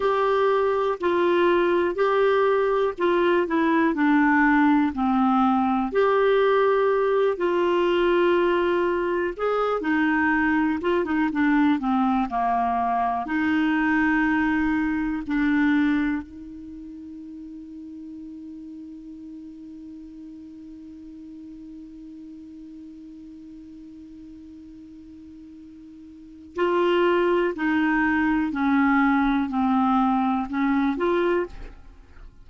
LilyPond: \new Staff \with { instrumentName = "clarinet" } { \time 4/4 \tempo 4 = 61 g'4 f'4 g'4 f'8 e'8 | d'4 c'4 g'4. f'8~ | f'4. gis'8 dis'4 f'16 dis'16 d'8 | c'8 ais4 dis'2 d'8~ |
d'8 dis'2.~ dis'8~ | dis'1~ | dis'2. f'4 | dis'4 cis'4 c'4 cis'8 f'8 | }